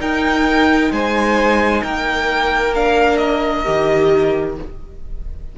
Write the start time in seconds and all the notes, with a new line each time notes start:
0.00 D#4 A#4 G5
0.91 G#3 C5 G#5
1.83 A#3 A#4 G5
2.74 D4 F5
3.17 D#5
3.65 D#3 G4